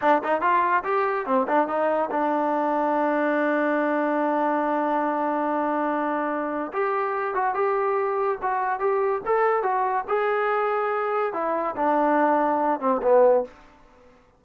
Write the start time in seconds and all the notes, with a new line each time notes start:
0.01 D4
0.23 D#4
0.41 F4
0.84 G4
1.26 C4
1.48 D4
1.67 D#4
2.10 D4
6.72 G4
7.34 F#4
7.54 G4
8.42 F#4
8.79 G4
9.25 A4
9.62 F#4
10.08 G#4
11.33 E4
11.76 D4
12.80 C4
13.02 B3